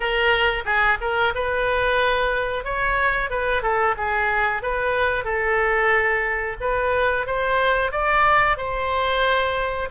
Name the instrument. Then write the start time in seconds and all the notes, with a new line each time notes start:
oboe
0.00 A#4
0.65 G#4
1.00 A#4
1.34 B4
2.64 C#5
3.30 B4
3.62 A4
3.97 G#4
4.62 B4
5.24 A4
6.60 B4
7.26 C5
7.91 D5
8.57 C5